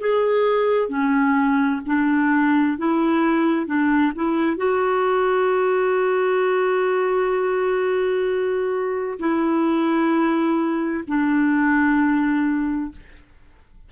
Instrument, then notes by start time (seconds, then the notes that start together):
clarinet
0.00 G#4
0.89 C#4
1.86 D4
2.78 E4
3.66 D4
4.15 E4
4.57 F#4
9.19 E4
11.07 D4